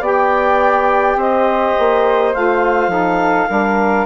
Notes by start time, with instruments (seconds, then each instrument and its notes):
0.00 bassoon B3, saxophone G4, flute D5, clarinet G5
1.15 bassoon C4, flute C5, clarinet D#5
1.78 bassoon A#3
2.34 bassoon A3, saxophone F4, clarinet F5
2.87 bassoon F3, saxophone D#4, flute A4
3.48 bassoon G3, saxophone D4, flute A#4